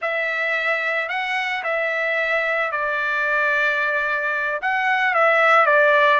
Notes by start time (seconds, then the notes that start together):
0.01 E5
1.09 F#5
1.63 E5
2.71 D5
4.61 F#5
5.14 E5
5.66 D5